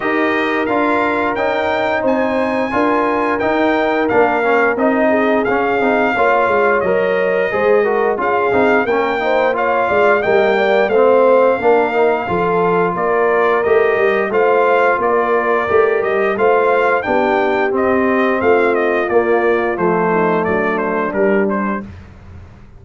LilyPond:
<<
  \new Staff \with { instrumentName = "trumpet" } { \time 4/4 \tempo 4 = 88 dis''4 f''4 g''4 gis''4~ | gis''4 g''4 f''4 dis''4 | f''2 dis''2 | f''4 g''4 f''4 g''4 |
f''2. d''4 | dis''4 f''4 d''4. dis''8 | f''4 g''4 dis''4 f''8 dis''8 | d''4 c''4 d''8 c''8 ais'8 c''8 | }
  \new Staff \with { instrumentName = "horn" } { \time 4/4 ais'2. c''4 | ais'2.~ ais'8 gis'8~ | gis'4 cis''2 c''8 ais'8 | gis'4 ais'8 c''8 cis''8 d''8 dis''8 d''8 |
c''4 ais'4 a'4 ais'4~ | ais'4 c''4 ais'2 | c''4 g'2 f'4~ | f'4. dis'8 d'2 | }
  \new Staff \with { instrumentName = "trombone" } { \time 4/4 g'4 f'4 dis'2 | f'4 dis'4 d'8 cis'8 dis'4 | cis'8 dis'8 f'4 ais'4 gis'8 fis'8 | f'8 dis'8 cis'8 dis'8 f'4 ais4 |
c'4 d'8 dis'8 f'2 | g'4 f'2 g'4 | f'4 d'4 c'2 | ais4 a2 g4 | }
  \new Staff \with { instrumentName = "tuba" } { \time 4/4 dis'4 d'4 cis'4 c'4 | d'4 dis'4 ais4 c'4 | cis'8 c'8 ais8 gis8 fis4 gis4 | cis'8 c'8 ais4. gis8 g4 |
a4 ais4 f4 ais4 | a8 g8 a4 ais4 a8 g8 | a4 b4 c'4 a4 | ais4 f4 fis4 g4 | }
>>